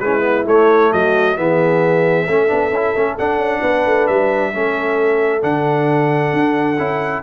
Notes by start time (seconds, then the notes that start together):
0.00 G#3 C#4 E4 B4
0.21 B3
0.46 A3 C#5
0.93 F#3 F#4 D#5
1.37 E3 B3 G#4 E5
2.28 A3 C#4 A4
2.48 B3 D4
2.71 C#4 E4
2.96 A3 C#4
3.19 D4 F#5
3.38 C#4
3.61 B3 B4
3.86 A3
4.07 G3 E5
4.53 A3 C#4 A4
5.42 D3 D4 F#5
6.33 D4
6.79 C#4 E4